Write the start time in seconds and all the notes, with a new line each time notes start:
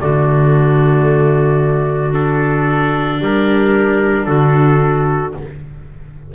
0.00 D3 A3 F#4 D5
2.12 D4 A4
3.21 G3 G4 A#4
4.26 D3 F#4 A4